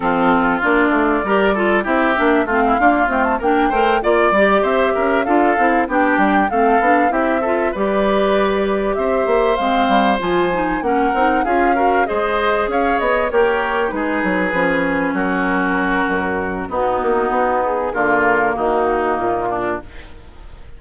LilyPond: <<
  \new Staff \with { instrumentName = "flute" } { \time 4/4 \tempo 4 = 97 a'4 d''2 e''4 | f''4 g''16 a''16 g''4 d''4 e''8~ | e''8 f''4 g''4 f''4 e''8~ | e''8 d''2 e''4 f''8~ |
f''8 gis''4 fis''4 f''4 dis''8~ | dis''8 f''8 dis''8 cis''4 b'4.~ | b'8 ais'2~ ais'8 fis'4~ | fis'8 gis'8 ais'4 fis'4 f'4 | }
  \new Staff \with { instrumentName = "oboe" } { \time 4/4 f'2 ais'8 a'8 g'4 | f'16 e'16 f'4 ais'8 c''8 d''4 c''8 | ais'8 a'4 g'4 a'4 g'8 | a'8 b'2 c''4.~ |
c''4. ais'4 gis'8 ais'8 c''8~ | c''8 cis''4 g'4 gis'4.~ | gis'8 fis'2~ fis'8 dis'4~ | dis'4 f'4 dis'4. d'8 | }
  \new Staff \with { instrumentName = "clarinet" } { \time 4/4 c'4 d'4 g'8 f'8 e'8 d'8 | c'8 ais8 a8 d'8 ais'8 f'8 g'4~ | g'8 f'8 e'8 d'4 c'8 d'8 e'8 | f'8 g'2. c'8~ |
c'8 f'8 dis'8 cis'8 dis'8 f'8 fis'8 gis'8~ | gis'4. ais'4 dis'4 cis'8~ | cis'2. b4~ | b4 ais2. | }
  \new Staff \with { instrumentName = "bassoon" } { \time 4/4 f4 ais8 a8 g4 c'8 ais8 | a8 d'8 c'8 ais8 a8 ais8 g8 c'8 | cis'8 d'8 c'8 b8 g8 a8 b8 c'8~ | c'8 g2 c'8 ais8 gis8 |
g8 f4 ais8 c'8 cis'4 gis8~ | gis8 cis'8 b8 ais4 gis8 fis8 f8~ | f8 fis4. fis,4 b8 ais8 | b4 d4 dis4 ais,4 | }
>>